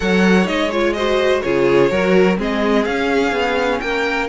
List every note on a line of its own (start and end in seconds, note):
0.00 0.46 F#3
0.00 0.44 A4
0.00 0.95 C#5
0.00 0.47 F#5
0.44 1.41 G#3
0.44 0.68 D#4
0.44 0.71 D#5
0.72 0.96 F4
0.72 0.93 C#5
0.93 1.43 F#4
0.93 1.43 C5
0.93 1.40 D#5
1.41 1.90 C#3
1.41 1.91 F4
1.41 1.90 G#4
1.41 2.36 C#5
1.90 2.38 F#3
1.90 2.36 F#4
1.90 2.38 A#4
2.36 2.85 G#3
2.36 2.84 C4
2.36 3.81 G#4
2.36 2.84 D#5
2.84 3.31 C#4
2.84 4.28 C#4
2.84 3.80 F5
3.31 3.79 B3
3.80 4.28 A#3
3.80 4.28 A#4
3.80 4.27 G5